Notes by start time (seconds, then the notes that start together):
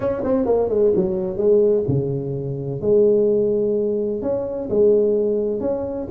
0.00 C#4
0.24 C4
0.45 A#3
0.69 G#3
0.95 F#3
1.37 G#3
1.87 C#3
2.81 G#3
4.22 C#4
4.69 G#3
5.60 C#4